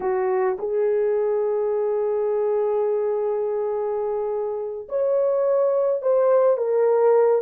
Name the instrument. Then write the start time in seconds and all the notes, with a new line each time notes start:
horn
0.00 F#4
0.59 G#4
4.89 C#5
6.02 C5
6.57 A#4